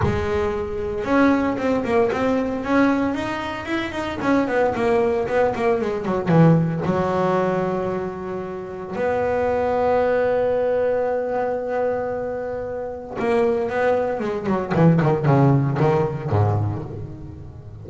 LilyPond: \new Staff \with { instrumentName = "double bass" } { \time 4/4 \tempo 4 = 114 gis2 cis'4 c'8 ais8 | c'4 cis'4 dis'4 e'8 dis'8 | cis'8 b8 ais4 b8 ais8 gis8 fis8 | e4 fis2.~ |
fis4 b2.~ | b1~ | b4 ais4 b4 gis8 fis8 | e8 dis8 cis4 dis4 gis,4 | }